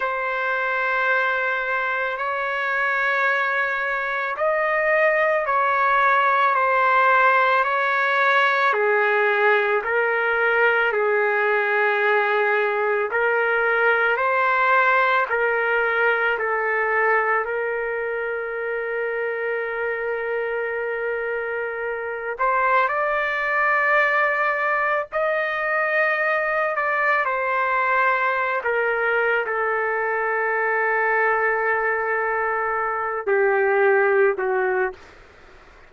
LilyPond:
\new Staff \with { instrumentName = "trumpet" } { \time 4/4 \tempo 4 = 55 c''2 cis''2 | dis''4 cis''4 c''4 cis''4 | gis'4 ais'4 gis'2 | ais'4 c''4 ais'4 a'4 |
ais'1~ | ais'8 c''8 d''2 dis''4~ | dis''8 d''8 c''4~ c''16 ais'8. a'4~ | a'2~ a'8 g'4 fis'8 | }